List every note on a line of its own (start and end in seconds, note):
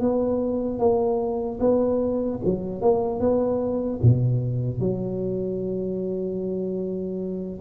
0.00 0.79 B3
0.79 1.59 A#3
1.60 2.40 B3
2.44 2.81 F#3
2.81 3.20 A#3
3.20 4.00 B3
4.02 4.79 B2
4.79 7.59 F#3